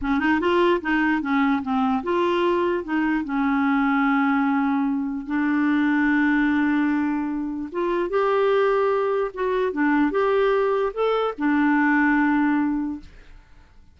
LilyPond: \new Staff \with { instrumentName = "clarinet" } { \time 4/4 \tempo 4 = 148 cis'8 dis'8 f'4 dis'4 cis'4 | c'4 f'2 dis'4 | cis'1~ | cis'4 d'2.~ |
d'2. f'4 | g'2. fis'4 | d'4 g'2 a'4 | d'1 | }